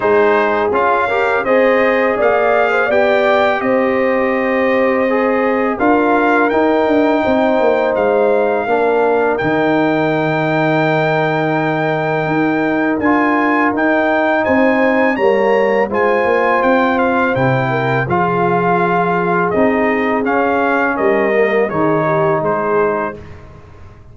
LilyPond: <<
  \new Staff \with { instrumentName = "trumpet" } { \time 4/4 \tempo 4 = 83 c''4 f''4 dis''4 f''4 | g''4 dis''2. | f''4 g''2 f''4~ | f''4 g''2.~ |
g''2 gis''4 g''4 | gis''4 ais''4 gis''4 g''8 f''8 | g''4 f''2 dis''4 | f''4 dis''4 cis''4 c''4 | }
  \new Staff \with { instrumentName = "horn" } { \time 4/4 gis'4. ais'8 c''4 d''8. c''16 | d''4 c''2. | ais'2 c''2 | ais'1~ |
ais'1 | c''4 cis''4 c''2~ | c''8 ais'8 gis'2.~ | gis'4 ais'4 gis'8 g'8 gis'4 | }
  \new Staff \with { instrumentName = "trombone" } { \time 4/4 dis'4 f'8 g'8 gis'2 | g'2. gis'4 | f'4 dis'2. | d'4 dis'2.~ |
dis'2 f'4 dis'4~ | dis'4 ais4 f'2 | e'4 f'2 dis'4 | cis'4. ais8 dis'2 | }
  \new Staff \with { instrumentName = "tuba" } { \time 4/4 gis4 cis'4 c'4 ais4 | b4 c'2. | d'4 dis'8 d'8 c'8 ais8 gis4 | ais4 dis2.~ |
dis4 dis'4 d'4 dis'4 | c'4 g4 gis8 ais8 c'4 | c4 f2 c'4 | cis'4 g4 dis4 gis4 | }
>>